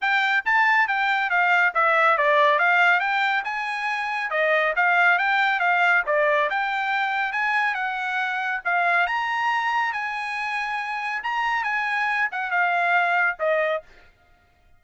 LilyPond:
\new Staff \with { instrumentName = "trumpet" } { \time 4/4 \tempo 4 = 139 g''4 a''4 g''4 f''4 | e''4 d''4 f''4 g''4 | gis''2 dis''4 f''4 | g''4 f''4 d''4 g''4~ |
g''4 gis''4 fis''2 | f''4 ais''2 gis''4~ | gis''2 ais''4 gis''4~ | gis''8 fis''8 f''2 dis''4 | }